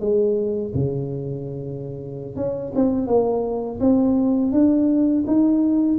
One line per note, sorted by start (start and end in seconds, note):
0.00 0.72 G#3
0.75 2.36 C#3
2.36 2.72 C#4
2.75 3.07 C4
3.07 3.79 A#3
3.80 4.52 C4
4.52 5.24 D4
5.27 5.99 D#4